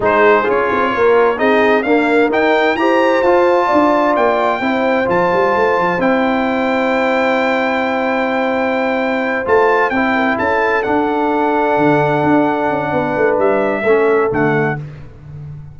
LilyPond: <<
  \new Staff \with { instrumentName = "trumpet" } { \time 4/4 \tempo 4 = 130 c''4 cis''2 dis''4 | f''4 g''4 ais''4 a''4~ | a''4 g''2 a''4~ | a''4 g''2.~ |
g''1~ | g''8 a''4 g''4 a''4 fis''8~ | fis''1~ | fis''4 e''2 fis''4 | }
  \new Staff \with { instrumentName = "horn" } { \time 4/4 gis'2 ais'4 gis'4 | ais'2 c''2 | d''2 c''2~ | c''1~ |
c''1~ | c''2 ais'8 a'4.~ | a'1 | b'2 a'2 | }
  \new Staff \with { instrumentName = "trombone" } { \time 4/4 dis'4 f'2 dis'4 | ais4 dis'4 g'4 f'4~ | f'2 e'4 f'4~ | f'4 e'2.~ |
e'1~ | e'8 f'4 e'2 d'8~ | d'1~ | d'2 cis'4 a4 | }
  \new Staff \with { instrumentName = "tuba" } { \time 4/4 gis4 cis'8 c'8 ais4 c'4 | d'4 dis'4 e'4 f'4 | d'4 ais4 c'4 f8 g8 | a8 f8 c'2.~ |
c'1~ | c'8 a4 c'4 cis'4 d'8~ | d'4. d4 d'4 cis'8 | b8 a8 g4 a4 d4 | }
>>